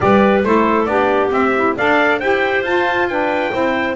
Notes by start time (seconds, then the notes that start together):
0.00 G3 G4 B4 D5
0.43 A3 E4 A4 C5
0.85 B3 D4 G4 D5
1.29 C4 E5
1.56 E4
1.76 D4 A4 D5 F5
2.19 E4 G4 C5 G5
2.62 F4 A5
3.08 D4 B4 G5
3.52 C4 E4 C5